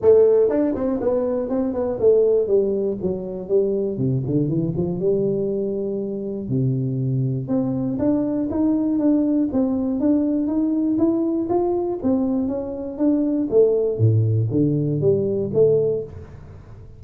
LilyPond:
\new Staff \with { instrumentName = "tuba" } { \time 4/4 \tempo 4 = 120 a4 d'8 c'8 b4 c'8 b8 | a4 g4 fis4 g4 | c8 d8 e8 f8 g2~ | g4 c2 c'4 |
d'4 dis'4 d'4 c'4 | d'4 dis'4 e'4 f'4 | c'4 cis'4 d'4 a4 | a,4 d4 g4 a4 | }